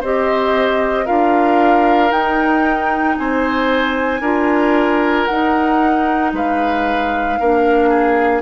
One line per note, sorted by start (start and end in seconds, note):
0.00 1.08 C4
0.00 1.05 G4
0.00 1.05 C5
0.00 1.06 D#5
1.05 2.12 D4
1.05 2.10 F4
1.05 3.15 A#4
1.05 2.11 F5
2.10 4.20 D#4
2.10 3.17 D#4
2.10 3.17 G5
3.17 4.20 C4
3.17 4.21 C5
3.17 5.25 G#5
4.20 5.25 D4
4.20 5.28 F4
4.20 6.31 A#4
5.25 7.40 D#4
5.25 6.33 D#4
5.25 6.31 F#5
6.33 7.38 G#3
6.33 7.39 B4
6.33 8.41 F5
7.39 8.41 A#3
7.39 8.41 D4
7.39 7.89 A#4
7.89 8.41 G#4